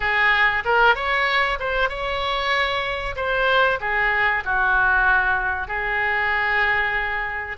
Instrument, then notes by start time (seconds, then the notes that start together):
oboe
0.00 G#4
0.64 A#4
0.95 C#5
1.59 C5
1.89 C#5
3.16 C5
3.80 G#4
4.44 F#4
5.67 G#4